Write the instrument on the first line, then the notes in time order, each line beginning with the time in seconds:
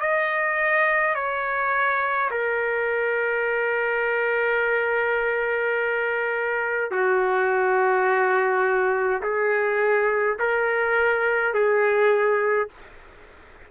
trumpet
0.00 D#5
1.15 C#5
2.31 A#4
6.91 F#4
9.23 G#4
10.39 A#4
11.54 G#4